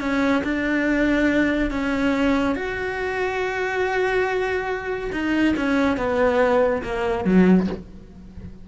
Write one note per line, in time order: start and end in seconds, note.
0.00 0.42 C#4
0.44 1.70 D4
1.70 2.55 C#4
2.55 5.11 F#4
5.12 5.55 D#4
5.56 5.97 C#4
5.97 6.82 B3
6.82 7.24 A#3
7.24 7.67 F#3